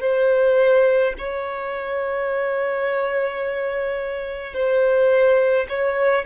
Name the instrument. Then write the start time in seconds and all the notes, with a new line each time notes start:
violin
0.00 C5
1.18 C#5
4.53 C5
5.69 C#5